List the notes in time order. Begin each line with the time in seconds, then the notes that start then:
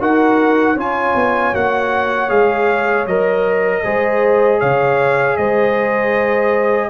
0.00 D#4 F#4 A#4 F#5
0.75 C#4 F4 C#5 G#5
1.15 B3
1.54 A#3 F#4 F#5
2.29 G#3 G#4 F5
3.07 F#3 A#4 D#5
3.84 G#3 G#4 C5
4.60 C#3 C#5 F5
5.37 G#3 C5 D#5